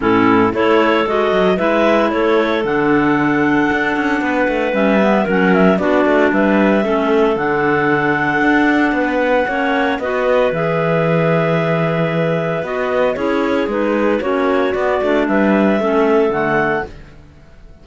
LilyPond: <<
  \new Staff \with { instrumentName = "clarinet" } { \time 4/4 \tempo 4 = 114 a'4 cis''4 dis''4 e''4 | cis''4 fis''2.~ | fis''4 e''4 fis''8 e''8 d''4 | e''2 fis''2~ |
fis''2. dis''4 | e''1 | dis''4 cis''4 b'4 cis''4 | d''4 e''2 fis''4 | }
  \new Staff \with { instrumentName = "clarinet" } { \time 4/4 e'4 a'2 b'4 | a'1 | b'2 ais'4 fis'4 | b'4 a'2.~ |
a'4 b'4 cis''4 b'4~ | b'1~ | b'4 gis'2 fis'4~ | fis'4 b'4 a'2 | }
  \new Staff \with { instrumentName = "clarinet" } { \time 4/4 cis'4 e'4 fis'4 e'4~ | e'4 d'2.~ | d'4 cis'8 b8 cis'4 d'4~ | d'4 cis'4 d'2~ |
d'2 cis'4 fis'4 | gis'1 | fis'4 e'4 dis'4 cis'4 | b8 d'4. cis'4 a4 | }
  \new Staff \with { instrumentName = "cello" } { \time 4/4 a,4 a4 gis8 fis8 gis4 | a4 d2 d'8 cis'8 | b8 a8 g4 fis4 b8 a8 | g4 a4 d2 |
d'4 b4 ais4 b4 | e1 | b4 cis'4 gis4 ais4 | b8 a8 g4 a4 d4 | }
>>